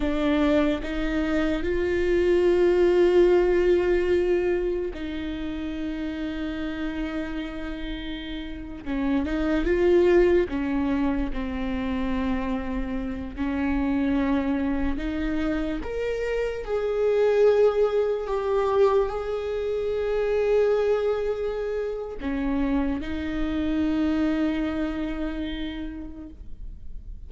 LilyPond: \new Staff \with { instrumentName = "viola" } { \time 4/4 \tempo 4 = 73 d'4 dis'4 f'2~ | f'2 dis'2~ | dis'2~ dis'8. cis'8 dis'8 f'16~ | f'8. cis'4 c'2~ c'16~ |
c'16 cis'2 dis'4 ais'8.~ | ais'16 gis'2 g'4 gis'8.~ | gis'2. cis'4 | dis'1 | }